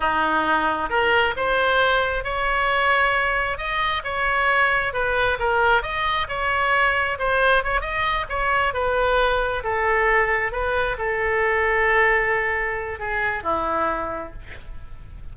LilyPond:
\new Staff \with { instrumentName = "oboe" } { \time 4/4 \tempo 4 = 134 dis'2 ais'4 c''4~ | c''4 cis''2. | dis''4 cis''2 b'4 | ais'4 dis''4 cis''2 |
c''4 cis''8 dis''4 cis''4 b'8~ | b'4. a'2 b'8~ | b'8 a'2.~ a'8~ | a'4 gis'4 e'2 | }